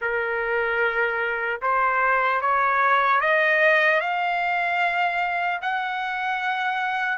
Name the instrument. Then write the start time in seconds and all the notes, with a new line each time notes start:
trumpet
0.01 A#4
1.61 C5
2.41 C#5
3.20 D#5
4.00 F5
5.61 F#5